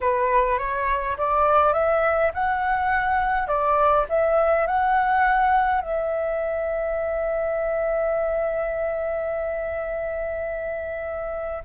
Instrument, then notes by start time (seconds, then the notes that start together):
flute
0.01 B4
0.58 C#5
1.17 D5
1.73 E5
2.34 F#5
3.47 D5
4.09 E5
4.66 F#5
5.81 E5